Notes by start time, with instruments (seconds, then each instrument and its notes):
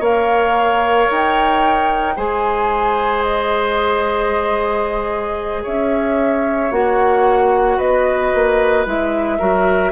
0.00 bassoon A#3, clarinet A#4, oboe C#5, flute F5
1.11 bassoon D#4, flute G5
2.16 bassoon G#3, clarinet G#4, oboe C5, flute G#5
3.22 flute D#5
5.63 bassoon C#4, oboe C#5, flute E5
6.71 bassoon A#3, clarinet F#4, flute F#5
7.77 bassoon B3, oboe B4, flute D#5
8.34 bassoon A#3
8.86 bassoon G#3, clarinet E4, flute E5
9.39 bassoon F#3, clarinet F#4, oboe A#4